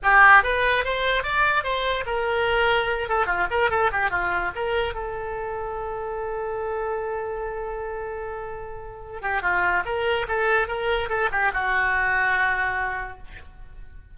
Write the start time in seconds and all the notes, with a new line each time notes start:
0.02 G4
0.43 B4
0.84 C5
1.23 D5
1.63 C5
2.05 A#4
3.08 A4
3.26 F4
3.50 A#4
3.70 A4
3.92 G4
4.10 F4
4.55 A#4
4.94 A4
9.21 G4
9.42 F4
9.85 A#4
10.28 A4
10.67 A#4
11.09 A4
11.31 G4
11.53 F#4